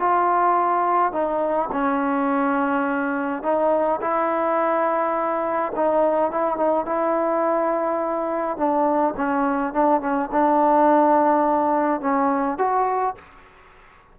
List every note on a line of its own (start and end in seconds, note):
0.00 1.13 F4
1.13 1.70 D#4
1.72 3.43 C#4
3.43 4.01 D#4
4.02 5.73 E4
5.76 6.31 D#4
6.31 6.57 E4
6.57 6.86 D#4
6.86 8.57 E4
8.58 9.15 D4
9.17 9.74 C#4
9.74 10.01 D4
10.01 10.30 C#4
10.32 12.01 D4
12.01 12.58 C#4
12.58 13.16 F#4